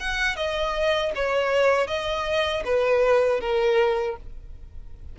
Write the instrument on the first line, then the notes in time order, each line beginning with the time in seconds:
violin
0.00 F#5
0.36 D#5
1.15 C#5
1.87 D#5
2.65 B4
3.40 A#4